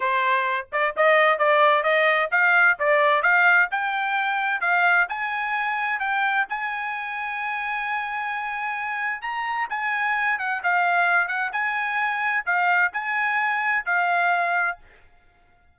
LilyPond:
\new Staff \with { instrumentName = "trumpet" } { \time 4/4 \tempo 4 = 130 c''4. d''8 dis''4 d''4 | dis''4 f''4 d''4 f''4 | g''2 f''4 gis''4~ | gis''4 g''4 gis''2~ |
gis''1 | ais''4 gis''4. fis''8 f''4~ | f''8 fis''8 gis''2 f''4 | gis''2 f''2 | }